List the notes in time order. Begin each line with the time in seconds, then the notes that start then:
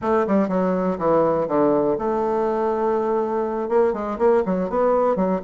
0.01 A3
0.27 G3
0.48 F#3
0.98 E3
1.48 D3
1.98 A3
3.69 A#3
3.93 G#3
4.18 A#3
4.45 F#3
4.69 B3
5.16 F#3